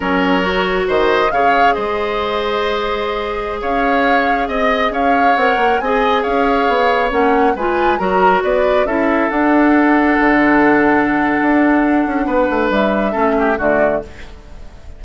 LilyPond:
<<
  \new Staff \with { instrumentName = "flute" } { \time 4/4 \tempo 4 = 137 cis''2 dis''4 f''4 | dis''1~ | dis''16 f''2 dis''4 f''8.~ | f''16 fis''4 gis''4 f''4.~ f''16~ |
f''16 fis''4 gis''4 ais''4 d''8.~ | d''16 e''4 fis''2~ fis''8.~ | fis''1~ | fis''4 e''2 d''4 | }
  \new Staff \with { instrumentName = "oboe" } { \time 4/4 ais'2 c''4 cis''4 | c''1~ | c''16 cis''2 dis''4 cis''8.~ | cis''4~ cis''16 dis''4 cis''4.~ cis''16~ |
cis''4~ cis''16 b'4 ais'4 b'8.~ | b'16 a'2.~ a'8.~ | a'1 | b'2 a'8 g'8 fis'4 | }
  \new Staff \with { instrumentName = "clarinet" } { \time 4/4 cis'4 fis'2 gis'4~ | gis'1~ | gis'1~ | gis'16 ais'4 gis'2~ gis'8.~ |
gis'16 cis'4 f'4 fis'4.~ fis'16~ | fis'16 e'4 d'2~ d'8.~ | d'1~ | d'2 cis'4 a4 | }
  \new Staff \with { instrumentName = "bassoon" } { \time 4/4 fis2 dis4 cis4 | gis1~ | gis16 cis'2 c'4 cis'8.~ | cis'16 c'8 ais8 c'4 cis'4 b8.~ |
b16 ais4 gis4 fis4 b8.~ | b16 cis'4 d'2 d8.~ | d2 d'4. cis'8 | b8 a8 g4 a4 d4 | }
>>